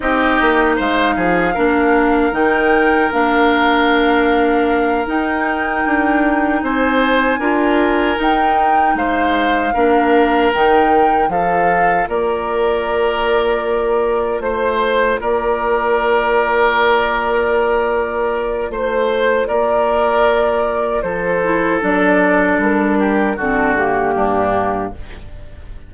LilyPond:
<<
  \new Staff \with { instrumentName = "flute" } { \time 4/4 \tempo 4 = 77 dis''4 f''2 g''4 | f''2~ f''8 g''4.~ | g''8 gis''2 g''4 f''8~ | f''4. g''4 f''4 d''8~ |
d''2~ d''8 c''4 d''8~ | d''1 | c''4 d''2 c''4 | d''4 ais'4 a'8 g'4. | }
  \new Staff \with { instrumentName = "oboe" } { \time 4/4 g'4 c''8 gis'8 ais'2~ | ais'1~ | ais'8 c''4 ais'2 c''8~ | c''8 ais'2 a'4 ais'8~ |
ais'2~ ais'8 c''4 ais'8~ | ais'1 | c''4 ais'2 a'4~ | a'4. g'8 fis'4 d'4 | }
  \new Staff \with { instrumentName = "clarinet" } { \time 4/4 dis'2 d'4 dis'4 | d'2~ d'8 dis'4.~ | dis'4. f'4 dis'4.~ | dis'8 d'4 dis'4 f'4.~ |
f'1~ | f'1~ | f'2.~ f'8 e'8 | d'2 c'8 ais4. | }
  \new Staff \with { instrumentName = "bassoon" } { \time 4/4 c'8 ais8 gis8 f8 ais4 dis4 | ais2~ ais8 dis'4 d'8~ | d'8 c'4 d'4 dis'4 gis8~ | gis8 ais4 dis4 f4 ais8~ |
ais2~ ais8 a4 ais8~ | ais1 | a4 ais2 f4 | fis4 g4 d4 g,4 | }
>>